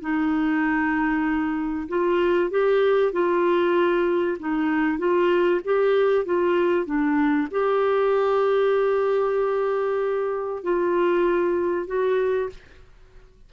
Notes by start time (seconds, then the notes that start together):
0.00 D#4
1.88 F4
2.50 G4
3.12 F4
4.39 D#4
4.98 F4
5.64 G4
6.25 F4
6.85 D4
7.50 G4
10.62 F4
11.87 F#4